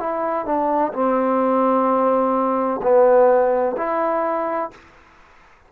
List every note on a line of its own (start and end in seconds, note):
0.00 0.46 E4
0.46 0.93 D4
0.94 2.81 C4
2.83 3.77 B3
3.78 4.71 E4